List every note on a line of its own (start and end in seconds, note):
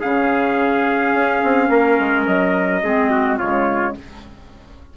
0.00 1.14 C#3
0.00 2.84 C#4
0.00 1.68 G#4
0.00 2.25 F5
1.14 1.42 C#4
1.44 1.69 C4
1.69 1.97 A#3
1.69 2.82 A#4
1.99 2.27 G#3
2.27 2.83 F#3
2.27 3.39 D#5
2.83 3.39 G#3
2.83 3.39 C4
2.83 3.11 G#4
3.11 3.38 F#4
3.38 3.96 C#3
3.38 3.96 G#3
3.38 3.95 F4
3.38 3.95 C#5